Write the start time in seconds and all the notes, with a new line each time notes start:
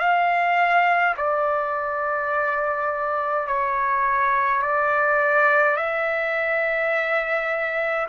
0.00 F5
1.17 D5
3.47 C#5
4.62 D5
5.77 E5